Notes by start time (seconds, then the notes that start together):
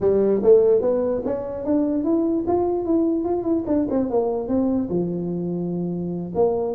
0.00 G3
0.42 A3
0.81 B3
1.25 C#4
1.64 D4
2.04 E4
2.47 F4
2.85 E4
3.24 F4
3.43 E4
3.66 D4
3.90 C4
4.10 A#3
4.47 C4
4.89 F3
6.34 A#3